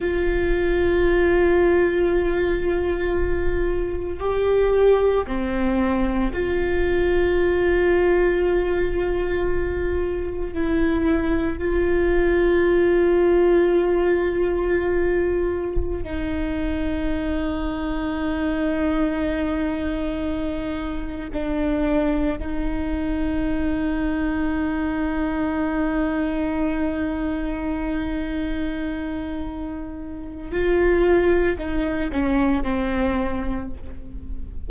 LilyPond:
\new Staff \with { instrumentName = "viola" } { \time 4/4 \tempo 4 = 57 f'1 | g'4 c'4 f'2~ | f'2 e'4 f'4~ | f'2.~ f'16 dis'8.~ |
dis'1~ | dis'16 d'4 dis'2~ dis'8.~ | dis'1~ | dis'4 f'4 dis'8 cis'8 c'4 | }